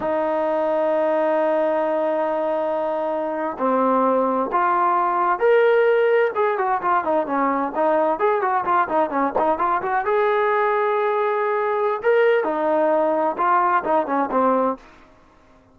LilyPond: \new Staff \with { instrumentName = "trombone" } { \time 4/4 \tempo 4 = 130 dis'1~ | dis'2.~ dis'8. c'16~ | c'4.~ c'16 f'2 ais'16~ | ais'4.~ ais'16 gis'8 fis'8 f'8 dis'8 cis'16~ |
cis'8. dis'4 gis'8 fis'8 f'8 dis'8 cis'16~ | cis'16 dis'8 f'8 fis'8 gis'2~ gis'16~ | gis'2 ais'4 dis'4~ | dis'4 f'4 dis'8 cis'8 c'4 | }